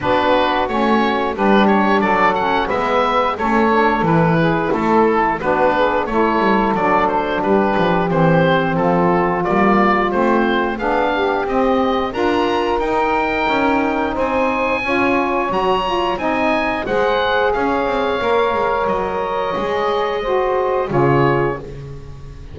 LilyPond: <<
  \new Staff \with { instrumentName = "oboe" } { \time 4/4 \tempo 4 = 89 b'4 cis''4 b'8 cis''8 d''8 fis''8 | e''4 cis''4 b'4 a'4 | b'4 cis''4 d''8 c''8 b'4 | c''4 a'4 d''4 c''4 |
f''4 dis''4 ais''4 g''4~ | g''4 gis''2 ais''4 | gis''4 fis''4 f''2 | dis''2. cis''4 | }
  \new Staff \with { instrumentName = "saxophone" } { \time 4/4 fis'2 g'4 a'4 | b'4 a'4. gis'8 a'4 | fis'8 gis'8 a'2 g'4~ | g'4 f'2. |
gis'8 g'4. ais'2~ | ais'4 c''4 cis''2 | dis''4 c''4 cis''2~ | cis''2 c''4 gis'4 | }
  \new Staff \with { instrumentName = "saxophone" } { \time 4/4 d'4 cis'4 d'4. cis'8 | b4 cis'8 d'8 e'2 | d'4 e'4 d'2 | c'2 ais4 c'4 |
d'4 c'4 f'4 dis'4~ | dis'2 f'4 fis'8 f'8 | dis'4 gis'2 ais'4~ | ais'4 gis'4 fis'4 f'4 | }
  \new Staff \with { instrumentName = "double bass" } { \time 4/4 b4 a4 g4 fis4 | gis4 a4 e4 a4 | b4 a8 g8 fis4 g8 f8 | e4 f4 g4 a4 |
b4 c'4 d'4 dis'4 | cis'4 c'4 cis'4 fis4 | c'4 gis4 cis'8 c'8 ais8 gis8 | fis4 gis2 cis4 | }
>>